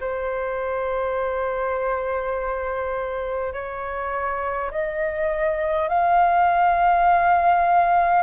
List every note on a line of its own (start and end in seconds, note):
0.00 3.52 C5
3.52 4.70 C#5
4.71 5.88 D#5
5.88 8.22 F5